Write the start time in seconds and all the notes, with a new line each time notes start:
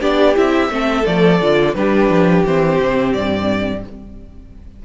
0.00 B3 D4 G4 D5
0.35 C4 E4 E5
0.69 A3 C4 A4
1.03 F3 A3 D5
1.41 D3 F4
1.74 G3 D4 G4 B4
2.09 F3
2.45 E3 C4 C5
2.80 C3
3.13 G2 D5